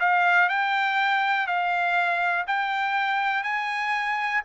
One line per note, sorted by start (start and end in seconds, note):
0.00 0.49 F5
0.49 1.47 G5
1.47 2.46 F5
2.47 3.43 G5
3.43 4.42 G#5